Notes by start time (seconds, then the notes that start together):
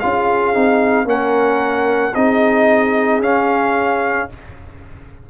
0.00 C#4 F4 G#4 F5
0.54 C4 D#4
1.05 A#3 C#4 A#4 F#5
2.14 C4 D#4 G#4 D#5
3.20 C#4 F5